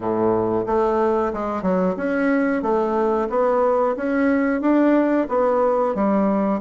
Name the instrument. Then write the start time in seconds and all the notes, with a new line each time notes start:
bassoon
0.00 A2
0.66 A3
1.33 G#3
1.62 F#3
1.96 C#4
2.62 A3
3.29 B3
3.96 C#4
4.61 D4
5.29 B3
5.95 G3